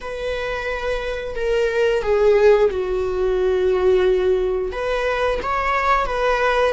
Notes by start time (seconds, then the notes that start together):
0.00 B4
1.35 A#4
2.02 G#4
2.70 F#4
4.72 B4
5.42 C#5
6.06 B4